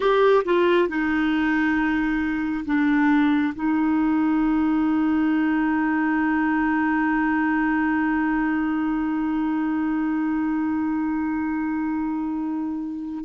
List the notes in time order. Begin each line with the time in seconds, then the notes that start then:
0.00 G4
0.44 F4
0.88 D#4
2.65 D4
3.55 D#4